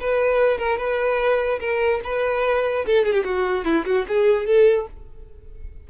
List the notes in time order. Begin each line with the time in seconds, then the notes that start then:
0.00 B4
0.58 A#4
0.78 B4
1.60 A#4
2.04 B4
2.86 A4
3.05 G#4
3.13 G4
3.24 F#4
3.65 E4
3.86 F#4
4.08 G#4
4.46 A4